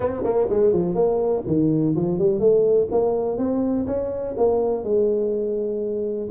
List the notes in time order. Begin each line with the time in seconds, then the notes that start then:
0.00 C4
0.23 A#3
0.49 G#3
0.73 F3
0.94 A#3
1.46 D#3
1.95 F3
2.18 G3
2.39 A3
2.91 A#3
3.37 C4
3.86 C#4
4.37 A#3
4.83 G#3